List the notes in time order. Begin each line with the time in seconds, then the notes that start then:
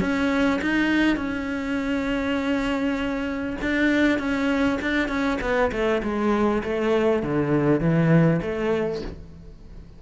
0.00 C#4
0.61 D#4
1.16 C#4
3.61 D4
4.18 C#4
4.81 D4
5.08 C#4
5.41 B3
5.72 A3
6.02 G#3
6.63 A3
7.22 D3
7.80 E3
8.42 A3